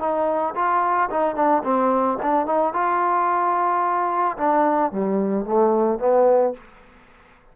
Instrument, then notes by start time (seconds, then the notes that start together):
trombone
0.00 D#4
0.55 F4
1.11 D#4
1.36 D4
1.64 C4
2.23 D4
2.47 D#4
2.74 F4
4.38 D4
4.92 G3
5.46 A3
6.00 B3